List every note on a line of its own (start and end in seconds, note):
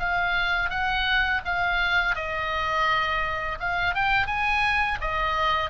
0.00 0.70 F5
0.70 1.42 F#5
1.45 2.16 F5
2.16 3.59 D#5
3.60 3.95 F5
3.95 4.27 G5
4.27 4.99 G#5
5.02 5.70 D#5